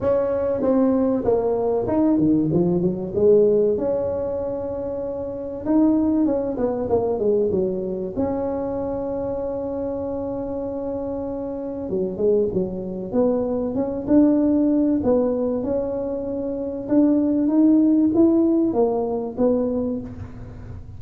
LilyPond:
\new Staff \with { instrumentName = "tuba" } { \time 4/4 \tempo 4 = 96 cis'4 c'4 ais4 dis'8 dis8 | f8 fis8 gis4 cis'2~ | cis'4 dis'4 cis'8 b8 ais8 gis8 | fis4 cis'2.~ |
cis'2. fis8 gis8 | fis4 b4 cis'8 d'4. | b4 cis'2 d'4 | dis'4 e'4 ais4 b4 | }